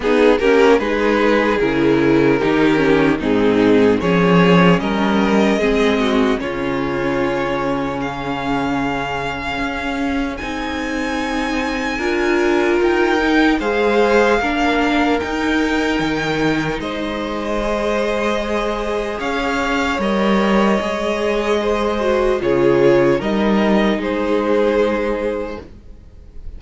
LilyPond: <<
  \new Staff \with { instrumentName = "violin" } { \time 4/4 \tempo 4 = 75 gis'8 ais'8 b'4 ais'2 | gis'4 cis''4 dis''2 | cis''2 f''2~ | f''4 gis''2. |
g''4 f''2 g''4~ | g''4 dis''2. | f''4 dis''2. | cis''4 dis''4 c''2 | }
  \new Staff \with { instrumentName = "violin" } { \time 4/4 dis'8 g'8 gis'2 g'4 | dis'4 gis'4 ais'4 gis'8 fis'8 | f'2 gis'2~ | gis'2. ais'4~ |
ais'4 c''4 ais'2~ | ais'4 c''2. | cis''2. c''4 | gis'4 ais'4 gis'2 | }
  \new Staff \with { instrumentName = "viola" } { \time 4/4 b8 cis'8 dis'4 e'4 dis'8 cis'8 | c'4 cis'2 c'4 | cis'1~ | cis'4 dis'2 f'4~ |
f'8 dis'8 gis'4 d'4 dis'4~ | dis'2 gis'2~ | gis'4 ais'4 gis'4. fis'8 | f'4 dis'2. | }
  \new Staff \with { instrumentName = "cello" } { \time 4/4 b8 ais8 gis4 cis4 dis4 | gis,4 f4 g4 gis4 | cis1 | cis'4 c'2 d'4 |
dis'4 gis4 ais4 dis'4 | dis4 gis2. | cis'4 g4 gis2 | cis4 g4 gis2 | }
>>